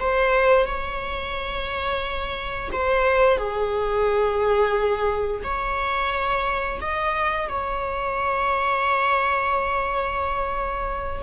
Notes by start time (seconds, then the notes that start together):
0.00 C5
0.66 C#5
2.72 C5
3.37 G#4
5.44 C#5
6.81 D#5
7.49 C#5